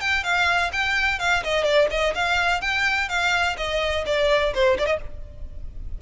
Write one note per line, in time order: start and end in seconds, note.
0.00 0.23 G5
0.23 0.71 F5
0.72 1.19 G5
1.19 1.43 F5
1.43 1.64 D#5
1.64 1.87 D5
1.90 2.14 D#5
2.15 2.61 F5
2.61 3.08 G5
3.08 3.56 F5
3.57 4.04 D#5
4.06 4.53 D5
4.53 4.77 C5
4.78 4.86 D5
4.86 4.98 D#5